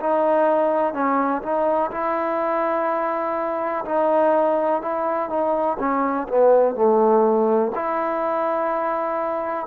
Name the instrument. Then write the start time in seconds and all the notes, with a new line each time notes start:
trombone
0.00 D#4
0.94 C#4
1.43 D#4
1.91 E4
3.85 D#4
4.82 E4
5.29 D#4
5.79 C#4
6.28 B3
6.75 A3
7.75 E4